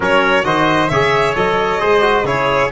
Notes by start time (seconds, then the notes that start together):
0.00 F#3 C#4 A#4 C#5
0.43 D#3 F#4 C5 D#5
0.89 C#3 G#4 C#5 E5
1.35 F#3 A4 D#5
1.78 G#3 G#4 C5
2.01 F#4
2.23 C#3 E4 G#4 C#5